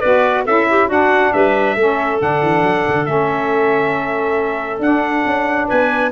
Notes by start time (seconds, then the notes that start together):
0.00 B3 F#4 B4 D5
0.45 C#4 E4 A4 E5
0.70 G4
0.87 D4 F#4 F#5
1.33 G3 B4 E5
1.76 A3 C#4 A4
2.20 D3 D4 F#5
2.42 E3
2.63 F#3
2.88 D3
3.05 A3 C#4 E5
4.79 D4 F#5
5.26 C#4
5.68 B3 B4 G#5